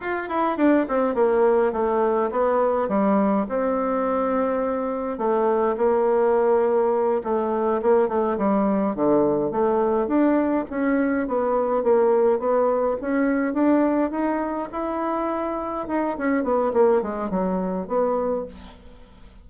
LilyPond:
\new Staff \with { instrumentName = "bassoon" } { \time 4/4 \tempo 4 = 104 f'8 e'8 d'8 c'8 ais4 a4 | b4 g4 c'2~ | c'4 a4 ais2~ | ais8 a4 ais8 a8 g4 d8~ |
d8 a4 d'4 cis'4 b8~ | b8 ais4 b4 cis'4 d'8~ | d'8 dis'4 e'2 dis'8 | cis'8 b8 ais8 gis8 fis4 b4 | }